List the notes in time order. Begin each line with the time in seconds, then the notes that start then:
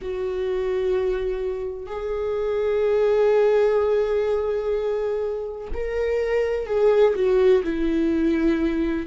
0.01 F#4
1.86 G#4
5.74 A#4
6.66 G#4
7.15 F#4
7.63 E4